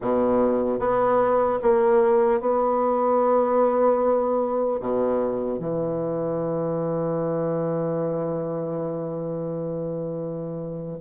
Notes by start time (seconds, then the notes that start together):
0.01 B2
0.79 B3
1.62 A#3
2.40 B3
4.80 B2
5.59 E3